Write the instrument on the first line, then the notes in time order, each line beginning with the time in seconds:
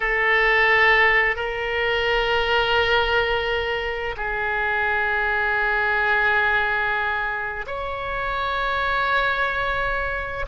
oboe
0.00 A4
1.36 A#4
4.16 G#4
7.66 C#5